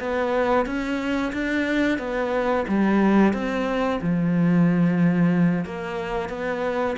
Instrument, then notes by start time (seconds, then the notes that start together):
cello
0.00 B3
0.66 C#4
1.33 D4
1.99 B3
2.68 G3
3.34 C4
4.01 F3
5.65 A#3
6.29 B3